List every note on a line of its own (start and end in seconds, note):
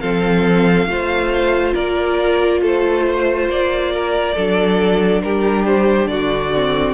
0.00 0.86 F3
0.00 0.87 C4
0.00 0.88 A4
0.00 1.74 F5
0.86 1.73 A3
0.86 4.35 F4
0.86 1.73 C5
1.73 2.62 A#3
1.73 2.60 A#4
1.73 2.61 D5
2.62 3.49 A3
2.62 3.05 A4
2.62 3.50 C5
3.06 3.93 C5
3.49 4.36 A#3
3.49 5.21 D5
3.93 4.35 A#4
4.35 5.22 F#3
4.35 6.54 D4
4.35 5.22 A4
5.21 6.06 G3
5.21 6.10 G4
5.21 5.65 A#4
5.65 6.07 C5
6.06 6.93 D3
6.06 6.94 F#4
6.06 6.94 D5
6.54 6.94 C4